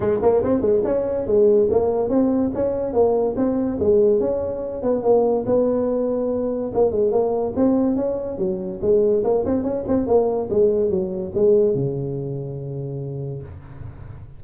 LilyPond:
\new Staff \with { instrumentName = "tuba" } { \time 4/4 \tempo 4 = 143 gis8 ais8 c'8 gis8 cis'4 gis4 | ais4 c'4 cis'4 ais4 | c'4 gis4 cis'4. b8 | ais4 b2. |
ais8 gis8 ais4 c'4 cis'4 | fis4 gis4 ais8 c'8 cis'8 c'8 | ais4 gis4 fis4 gis4 | cis1 | }